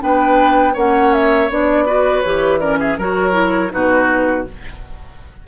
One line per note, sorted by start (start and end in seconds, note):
0.00 0.76 B3
0.00 0.74 D4
0.00 0.74 B4
0.00 0.77 G5
0.74 1.50 A#3
0.74 1.51 C#4
0.74 1.85 C#5
0.74 1.14 F#5
1.14 1.51 E5
1.50 2.24 B3
1.50 1.87 D4
1.50 2.21 D5
1.86 2.24 F#4
1.86 2.60 B4
2.21 2.98 E3
2.21 2.61 G4
2.21 2.58 C#5
2.59 2.98 C#4
2.59 2.79 A#4
2.59 2.78 D5
2.80 2.98 G#4
2.80 3.00 E5
2.98 3.72 F#3
2.98 3.32 F#4
2.98 3.72 A#4
2.98 3.73 C#5
3.32 3.69 E4
3.71 4.48 B2
3.71 4.45 D#4
3.71 4.48 F#4
3.71 4.47 B4